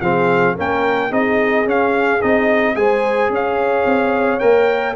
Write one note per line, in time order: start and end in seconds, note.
0.00 0.55 F3
0.00 0.57 C4
0.00 0.54 G#4
0.00 0.55 F5
0.54 1.11 A#3
0.54 1.11 C#4
0.54 1.09 A#4
0.54 1.12 G5
1.10 1.66 C4
1.10 1.66 D#4
1.10 2.75 G#4
1.10 1.67 D#5
1.66 2.21 C#4
1.66 2.22 F5
2.22 2.75 C4
2.22 2.75 D#4
2.22 2.76 D#5
2.75 3.29 G#3
2.75 4.40 G#4
2.75 3.32 C5
2.75 3.31 G#5
3.29 3.84 C#4
3.29 4.96 C#5
3.29 4.39 F5
3.85 4.40 C4
4.39 4.96 A#3
4.39 4.95 A#4
4.39 4.94 G5